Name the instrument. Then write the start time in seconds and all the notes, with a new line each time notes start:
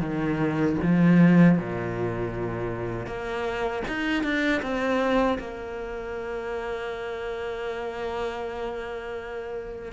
cello
0.00 D#3
0.82 F3
1.58 A#2
3.07 A#3
3.88 D#4
4.23 D4
4.62 C4
5.39 A#3